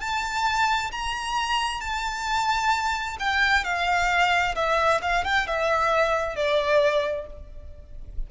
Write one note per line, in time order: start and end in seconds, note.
0.00 0.91 A5
0.91 1.80 A#5
1.80 3.17 A5
3.19 3.64 G5
3.64 4.55 F5
4.55 5.00 E5
5.01 5.24 F5
5.24 5.46 G5
5.47 6.36 E5
6.36 7.26 D5